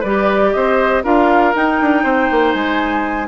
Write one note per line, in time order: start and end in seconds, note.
0.00 0.54 G3
0.00 1.04 G4
0.00 0.50 B4
0.00 0.53 D5
0.53 1.04 C4
0.53 1.04 C5
0.53 1.03 D#5
1.04 1.54 D4
1.04 1.54 F4
1.04 2.03 A#4
1.04 1.55 F5
1.54 3.28 D#4
1.54 1.80 D#4
1.54 2.53 G5
1.81 2.04 D4
2.03 2.29 C4
2.03 3.28 C5
2.31 2.54 A#3
2.53 3.28 G#3
2.53 3.28 G#5